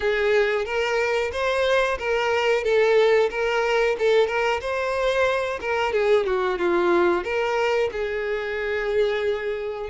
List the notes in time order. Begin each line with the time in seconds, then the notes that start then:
0.00 G#4
0.65 A#4
1.32 C5
1.98 A#4
2.63 A4
3.30 A#4
3.98 A4
4.27 A#4
4.60 C5
5.60 A#4
5.93 G#4
6.26 F#4
6.58 F4
7.23 A#4
7.92 G#4